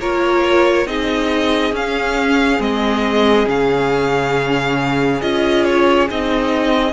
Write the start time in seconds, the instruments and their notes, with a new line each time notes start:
0.00 cello A#3, viola F4, violin A#4 C#5
0.86 cello C4, viola D#4, violin G#4 D#5
1.72 cello C#4, viola C#4, violin F5
2.59 cello G#3, viola C4, violin D#5
3.46 cello C#3, viola C#4, violin F5
5.21 cello C#4, viola F4, violin D#5
5.64 violin C#5
6.09 cello C4, viola D#4, violin D#5